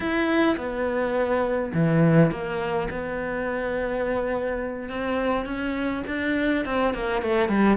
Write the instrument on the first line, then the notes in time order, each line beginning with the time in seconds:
cello
0.00 E4
0.57 B3
1.73 E3
2.31 A#3
2.90 B3
4.89 C4
5.45 C#4
6.07 D4
6.65 C4
6.94 A#3
7.21 A3
7.48 G3